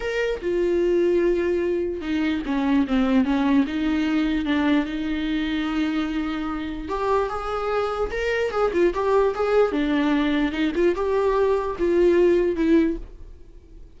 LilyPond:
\new Staff \with { instrumentName = "viola" } { \time 4/4 \tempo 4 = 148 ais'4 f'2.~ | f'4 dis'4 cis'4 c'4 | cis'4 dis'2 d'4 | dis'1~ |
dis'4 g'4 gis'2 | ais'4 gis'8 f'8 g'4 gis'4 | d'2 dis'8 f'8 g'4~ | g'4 f'2 e'4 | }